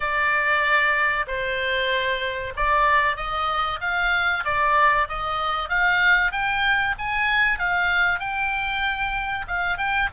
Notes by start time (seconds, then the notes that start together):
0.00 D5
1.27 C5
2.56 D5
3.16 D#5
3.81 F5
4.44 D5
5.08 D#5
5.69 F5
6.32 G5
6.98 G#5
7.58 F5
8.19 G5
9.47 F5
9.77 G5